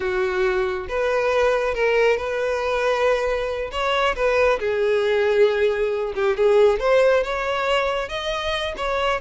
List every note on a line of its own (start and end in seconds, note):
0.00 0.87 F#4
0.88 1.74 B4
1.74 2.17 A#4
2.17 3.70 B4
3.71 4.15 C#5
4.15 4.59 B4
4.59 6.13 G#4
6.15 6.36 G4
6.36 6.79 G#4
6.79 7.23 C5
7.23 8.09 C#5
8.09 8.74 D#5
8.77 9.20 C#5